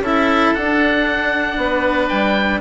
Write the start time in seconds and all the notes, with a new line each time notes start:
0.00 C#4 E4 A4 E5
0.55 D4 F#5
1.57 B3 B4
2.09 G3 G5